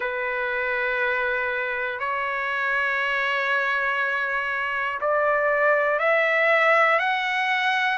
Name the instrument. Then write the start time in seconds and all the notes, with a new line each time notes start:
trumpet
0.00 B4
2.00 C#5
5.00 D5
5.99 E5
6.99 F#5